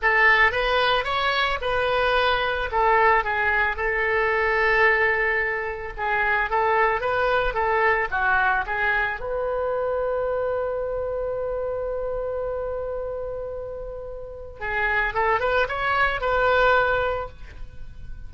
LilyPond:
\new Staff \with { instrumentName = "oboe" } { \time 4/4 \tempo 4 = 111 a'4 b'4 cis''4 b'4~ | b'4 a'4 gis'4 a'4~ | a'2. gis'4 | a'4 b'4 a'4 fis'4 |
gis'4 b'2.~ | b'1~ | b'2. gis'4 | a'8 b'8 cis''4 b'2 | }